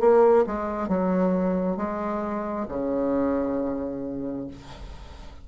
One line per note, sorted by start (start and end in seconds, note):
0.00 0.45 A#3
0.46 0.88 G#3
0.88 1.77 F#3
1.77 2.66 G#3
2.68 4.47 C#3